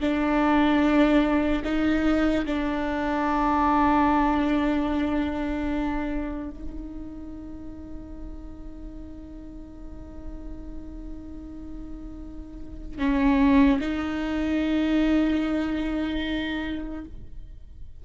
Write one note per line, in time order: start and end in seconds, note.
0.00 1.62 D4
1.64 2.45 D#4
2.45 6.50 D4
6.50 12.98 D#4
12.98 13.79 C#4
13.80 17.05 D#4